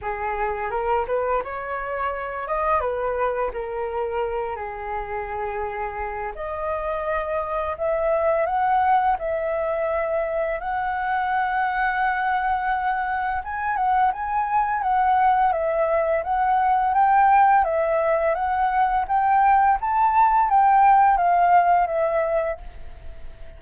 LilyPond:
\new Staff \with { instrumentName = "flute" } { \time 4/4 \tempo 4 = 85 gis'4 ais'8 b'8 cis''4. dis''8 | b'4 ais'4. gis'4.~ | gis'4 dis''2 e''4 | fis''4 e''2 fis''4~ |
fis''2. gis''8 fis''8 | gis''4 fis''4 e''4 fis''4 | g''4 e''4 fis''4 g''4 | a''4 g''4 f''4 e''4 | }